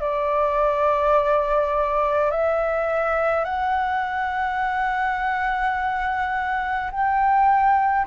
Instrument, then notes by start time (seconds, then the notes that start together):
flute
0.00 D5
2.30 E5
3.44 F#5
6.91 G5